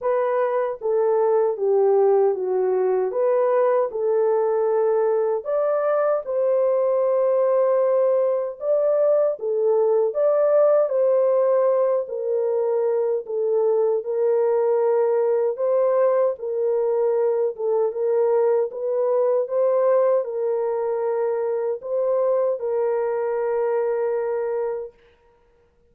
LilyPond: \new Staff \with { instrumentName = "horn" } { \time 4/4 \tempo 4 = 77 b'4 a'4 g'4 fis'4 | b'4 a'2 d''4 | c''2. d''4 | a'4 d''4 c''4. ais'8~ |
ais'4 a'4 ais'2 | c''4 ais'4. a'8 ais'4 | b'4 c''4 ais'2 | c''4 ais'2. | }